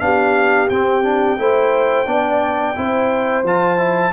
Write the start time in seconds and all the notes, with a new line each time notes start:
0.00 B3 D4 G4 F5
0.69 C4 G5
1.03 D4
1.38 A3 E4 C5
2.06 B3 D4 D5
2.75 C4 E4 C5
3.43 F3 F4 A5
3.78 E4